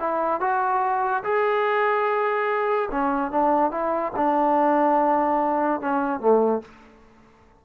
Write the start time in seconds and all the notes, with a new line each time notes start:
0.00 E4
0.41 F#4
1.24 G#4
2.92 C#4
3.32 D4
3.71 E4
4.17 D4
5.81 C#4
6.21 A3